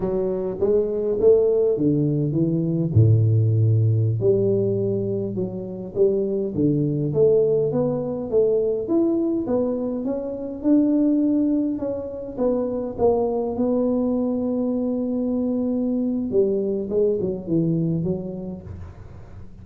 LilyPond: \new Staff \with { instrumentName = "tuba" } { \time 4/4 \tempo 4 = 103 fis4 gis4 a4 d4 | e4 a,2~ a,16 g8.~ | g4~ g16 fis4 g4 d8.~ | d16 a4 b4 a4 e'8.~ |
e'16 b4 cis'4 d'4.~ d'16~ | d'16 cis'4 b4 ais4 b8.~ | b1 | g4 gis8 fis8 e4 fis4 | }